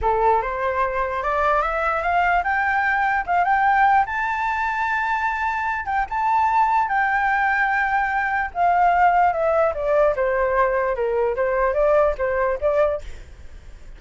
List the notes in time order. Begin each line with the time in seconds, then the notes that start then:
0.01 A4
0.42 C5
1.22 D5
1.62 E5
2.02 F5
2.43 G5
3.26 F5
3.44 G5
4.06 A5
5.85 G5
6.09 A5
6.88 G5
8.53 F5
9.32 E5
9.74 D5
10.16 C5
10.95 A#4
11.36 C5
11.73 D5
12.18 C5
12.60 D5